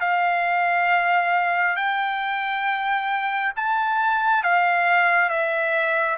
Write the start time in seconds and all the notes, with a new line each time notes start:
0.00 F5
1.76 G5
3.56 A5
4.44 F5
5.29 E5